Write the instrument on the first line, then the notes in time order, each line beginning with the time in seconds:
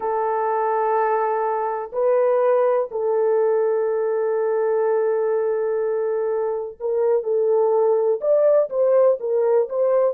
horn
0.00 A4
1.92 B4
2.91 A4
6.80 A#4
7.23 A4
8.20 D5
8.69 C5
9.19 A#4
9.69 C5